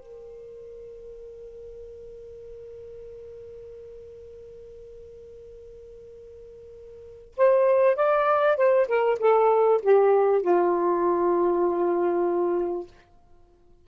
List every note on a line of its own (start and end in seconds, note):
0.00 7.35 A#4
7.37 7.96 C5
7.96 8.57 D5
8.57 8.87 C5
8.88 9.19 A#4
9.20 9.81 A4
9.83 10.42 G4
10.42 12.87 F4